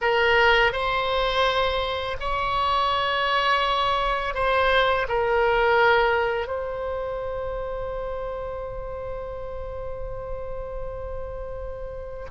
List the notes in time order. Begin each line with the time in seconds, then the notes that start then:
0.01 A#4
0.72 C5
2.19 C#5
4.34 C5
5.08 A#4
6.47 C5